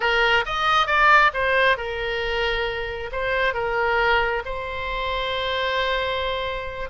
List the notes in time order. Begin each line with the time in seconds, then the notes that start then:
0.00 A#4
0.45 D#5
0.87 D5
1.33 C5
1.77 A#4
3.12 C5
3.53 A#4
4.45 C5